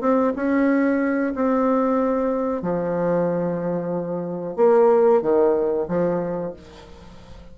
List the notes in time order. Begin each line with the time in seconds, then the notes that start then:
0.00 C4
0.35 C#4
1.35 C4
2.62 F3
4.56 A#3
5.21 D#3
5.88 F3